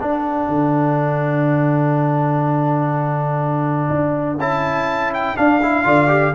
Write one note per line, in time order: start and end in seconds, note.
0.00 4.39 D4
0.00 0.48 D4
0.00 5.86 A4
0.00 4.40 F#5
0.48 3.90 D3
3.90 4.38 D4
4.38 5.36 C#4
4.38 5.37 E4
4.38 5.13 A5
5.14 5.37 G5
5.37 5.61 D4
5.37 5.85 D4
5.37 6.35 F5
5.62 5.84 E4
5.84 6.34 D3
5.84 6.08 F4
5.84 6.35 D5
6.08 6.33 G4